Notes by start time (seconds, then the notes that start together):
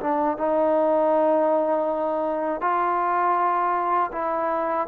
0.00 D4
0.38 D#4
2.61 F4
4.12 E4